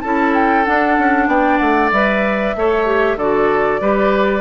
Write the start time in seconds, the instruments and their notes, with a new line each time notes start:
0.00 bassoon C#4, clarinet E4, oboe A4, flute A5
0.34 flute G5
0.65 clarinet D4, bassoon D4, flute F#5
0.98 bassoon C#4
1.27 bassoon B3, oboe D5, flute G5
1.57 bassoon A3, flute F#5
1.91 bassoon G3, clarinet B4, flute E5
2.55 bassoon A3, clarinet A4, oboe C#5
2.85 clarinet G4
3.16 bassoon D3, clarinet F#4, oboe A4, flute D5
3.80 bassoon G3, clarinet G4, oboe B4